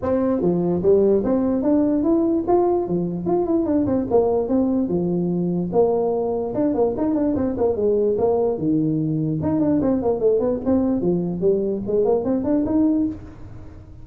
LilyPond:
\new Staff \with { instrumentName = "tuba" } { \time 4/4 \tempo 4 = 147 c'4 f4 g4 c'4 | d'4 e'4 f'4 f4 | f'8 e'8 d'8 c'8 ais4 c'4 | f2 ais2 |
d'8 ais8 dis'8 d'8 c'8 ais8 gis4 | ais4 dis2 dis'8 d'8 | c'8 ais8 a8 b8 c'4 f4 | g4 gis8 ais8 c'8 d'8 dis'4 | }